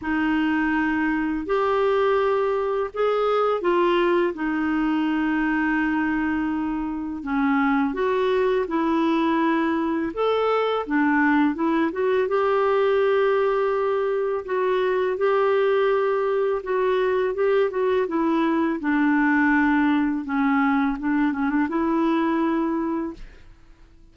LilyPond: \new Staff \with { instrumentName = "clarinet" } { \time 4/4 \tempo 4 = 83 dis'2 g'2 | gis'4 f'4 dis'2~ | dis'2 cis'4 fis'4 | e'2 a'4 d'4 |
e'8 fis'8 g'2. | fis'4 g'2 fis'4 | g'8 fis'8 e'4 d'2 | cis'4 d'8 cis'16 d'16 e'2 | }